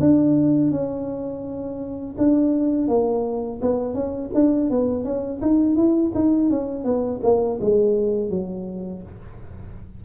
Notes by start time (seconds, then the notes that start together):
0.00 D4
0.71 C#4
2.18 D4
2.88 A#3
3.62 B3
3.94 C#4
4.34 D4
4.71 B3
5.05 C#4
5.42 D#4
5.76 E4
6.15 D#4
6.50 C#4
6.84 B3
7.24 A#3
7.61 G#3
8.30 F#3